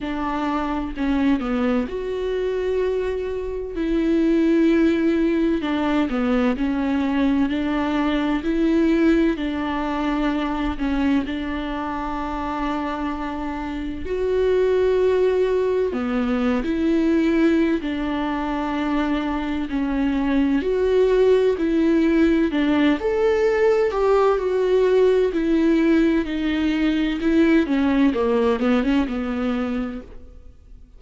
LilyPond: \new Staff \with { instrumentName = "viola" } { \time 4/4 \tempo 4 = 64 d'4 cis'8 b8 fis'2 | e'2 d'8 b8 cis'4 | d'4 e'4 d'4. cis'8 | d'2. fis'4~ |
fis'4 b8. e'4~ e'16 d'4~ | d'4 cis'4 fis'4 e'4 | d'8 a'4 g'8 fis'4 e'4 | dis'4 e'8 cis'8 ais8 b16 cis'16 b4 | }